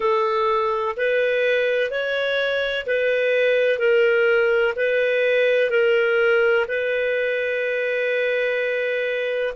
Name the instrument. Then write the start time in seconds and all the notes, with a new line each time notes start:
clarinet
0.00 A4
0.97 B4
1.90 C#5
2.86 B4
3.78 A#4
4.76 B4
5.70 A#4
6.68 B4